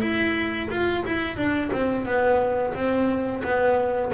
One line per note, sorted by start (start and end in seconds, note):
0.00 0.68 E4
0.70 1.04 F4
1.05 1.36 E4
1.36 1.70 D4
1.72 2.05 C4
2.05 2.73 B3
2.74 3.42 C4
3.43 4.12 B3